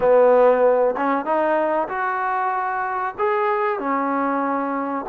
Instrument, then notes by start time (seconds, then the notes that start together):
trombone
0.00 B3
0.96 C#4
1.25 D#4
1.88 F#4
3.18 G#4
3.79 C#4